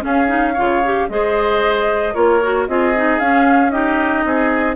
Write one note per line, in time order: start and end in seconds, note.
0.00 0.26 C#4
0.00 0.57 C#4
0.00 0.54 G#4
0.00 1.09 F5
0.28 0.54 D#4
0.54 1.09 C#3
0.54 0.83 F4
0.54 1.06 C#5
0.85 1.10 G4
1.09 2.15 G#3
1.09 2.14 G#4
1.09 2.14 C5
1.09 2.14 D#5
2.14 2.68 A#3
2.14 2.40 F4
2.14 2.67 A#4
2.14 2.67 C#5
2.43 2.69 F#4
2.68 3.19 C4
2.68 2.95 F4
2.68 3.72 G#4
2.68 3.20 D#5
2.96 3.21 D#4
3.19 4.25 C#4
3.19 3.71 C#4
3.19 3.70 F5
3.70 4.76 D#4
3.70 4.25 G4
3.70 4.76 D#5
4.25 4.76 C4
4.25 4.76 G#4